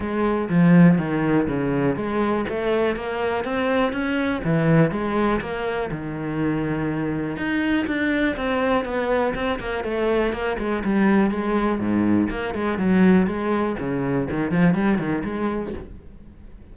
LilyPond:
\new Staff \with { instrumentName = "cello" } { \time 4/4 \tempo 4 = 122 gis4 f4 dis4 cis4 | gis4 a4 ais4 c'4 | cis'4 e4 gis4 ais4 | dis2. dis'4 |
d'4 c'4 b4 c'8 ais8 | a4 ais8 gis8 g4 gis4 | gis,4 ais8 gis8 fis4 gis4 | cis4 dis8 f8 g8 dis8 gis4 | }